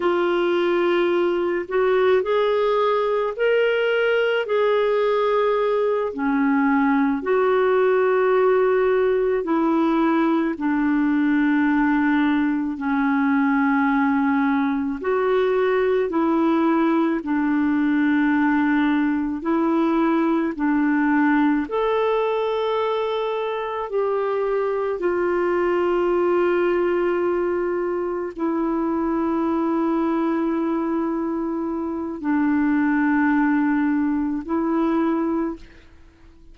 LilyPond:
\new Staff \with { instrumentName = "clarinet" } { \time 4/4 \tempo 4 = 54 f'4. fis'8 gis'4 ais'4 | gis'4. cis'4 fis'4.~ | fis'8 e'4 d'2 cis'8~ | cis'4. fis'4 e'4 d'8~ |
d'4. e'4 d'4 a'8~ | a'4. g'4 f'4.~ | f'4. e'2~ e'8~ | e'4 d'2 e'4 | }